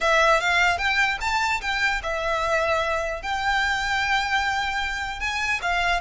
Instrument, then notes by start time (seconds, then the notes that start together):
violin
0.00 E5
0.40 F5
0.77 G5
1.21 A5
1.61 G5
2.03 E5
3.22 G5
5.19 G#5
5.61 F5